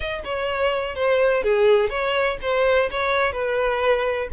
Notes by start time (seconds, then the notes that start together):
0.00 D#5
0.24 C#5
0.95 C5
1.43 G#4
1.89 C#5
2.41 C5
2.90 C#5
3.32 B4